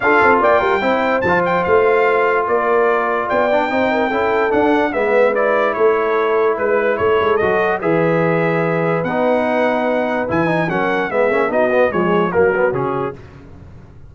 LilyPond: <<
  \new Staff \with { instrumentName = "trumpet" } { \time 4/4 \tempo 4 = 146 f''4 g''2 a''8 g''8 | f''2 d''2 | g''2. fis''4 | e''4 d''4 cis''2 |
b'4 cis''4 dis''4 e''4~ | e''2 fis''2~ | fis''4 gis''4 fis''4 e''4 | dis''4 cis''4 ais'4 gis'4 | }
  \new Staff \with { instrumentName = "horn" } { \time 4/4 a'4 d''8 ais'8 c''2~ | c''2 ais'2 | d''4 c''8 ais'8 a'2 | b'2 a'2 |
b'4 a'2 b'4~ | b'1~ | b'2 ais'4 gis'4 | fis'4 gis'4 fis'2 | }
  \new Staff \with { instrumentName = "trombone" } { \time 4/4 f'2 e'4 f'4~ | f'1~ | f'8 d'8 dis'4 e'4 d'4 | b4 e'2.~ |
e'2 fis'4 gis'4~ | gis'2 dis'2~ | dis'4 e'8 dis'8 cis'4 b8 cis'8 | dis'8 b8 gis4 ais8 b8 cis'4 | }
  \new Staff \with { instrumentName = "tuba" } { \time 4/4 d'8 c'8 ais8 g8 c'4 f4 | a2 ais2 | b4 c'4 cis'4 d'4 | gis2 a2 |
gis4 a8 gis8 fis4 e4~ | e2 b2~ | b4 e4 fis4 gis8 ais8 | b4 f4 fis4 cis4 | }
>>